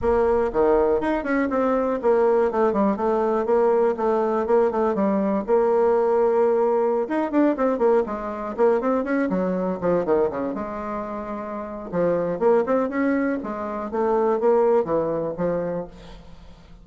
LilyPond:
\new Staff \with { instrumentName = "bassoon" } { \time 4/4 \tempo 4 = 121 ais4 dis4 dis'8 cis'8 c'4 | ais4 a8 g8 a4 ais4 | a4 ais8 a8 g4 ais4~ | ais2~ ais16 dis'8 d'8 c'8 ais16~ |
ais16 gis4 ais8 c'8 cis'8 fis4 f16~ | f16 dis8 cis8 gis2~ gis8. | f4 ais8 c'8 cis'4 gis4 | a4 ais4 e4 f4 | }